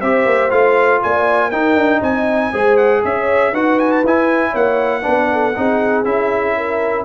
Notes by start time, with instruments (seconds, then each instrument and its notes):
0.00 tuba C4, trombone G4, horn C5, trumpet E5
0.25 tuba A#3
0.50 tuba A3, trombone F4, trumpet F5
1.02 tuba A#3, horn D5, trumpet G#5
1.48 tuba D#4, trombone D#4, horn A#4, trumpet G5
1.75 tuba D4
2.00 tuba C4, horn D#5, trumpet G#5
2.51 tuba G#3, trombone G#4, horn C5
2.77 trumpet F#5
3.04 tuba C#4, horn C#5, trumpet E5
3.51 tuba D#4, trombone F#4, horn B4, trumpet F#5
3.79 trumpet G#5
3.91 trumpet A5
4.03 tuba E4, trombone E4, trumpet G#5
4.50 tuba A#3, horn C#5, trumpet F#5
5.01 tuba B3, trombone D4, horn B4
5.32 horn A4
5.55 tuba C4, trombone D#4, horn G#4
6.04 tuba C#4, trombone E4, trumpet E5
6.56 horn A#4